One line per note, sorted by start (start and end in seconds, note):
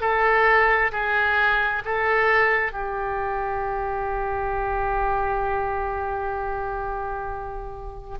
0.00 0.91 A4
0.91 1.82 G#4
1.85 2.72 A4
2.72 8.17 G4